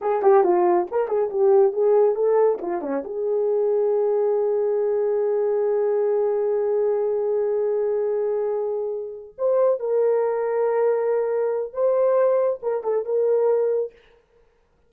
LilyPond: \new Staff \with { instrumentName = "horn" } { \time 4/4 \tempo 4 = 138 gis'8 g'8 f'4 ais'8 gis'8 g'4 | gis'4 a'4 f'8 cis'8 gis'4~ | gis'1~ | gis'1~ |
gis'1~ | gis'4. c''4 ais'4.~ | ais'2. c''4~ | c''4 ais'8 a'8 ais'2 | }